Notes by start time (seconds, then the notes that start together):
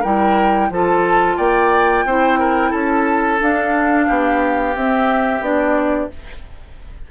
0.00 G3 E4 A#4 G5
0.70 F3 F4 A4 A5
1.37 A#3 D5 G5
2.05 C4 E4 C5
2.39 A#4
2.70 C#4 A4 A5
3.39 D4 F5
4.08 B3 G4
4.75 C4 E5
5.40 B3 D4 D5